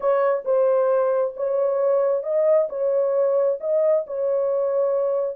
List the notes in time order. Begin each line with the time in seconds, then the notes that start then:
0.00 C#5
0.44 C5
1.36 C#5
2.23 D#5
2.69 C#5
3.60 D#5
4.06 C#5